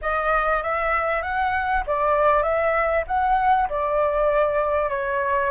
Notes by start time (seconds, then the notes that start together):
0.01 D#5
0.62 E5
1.22 F#5
1.86 D5
2.42 E5
3.07 F#5
3.69 D5
4.89 C#5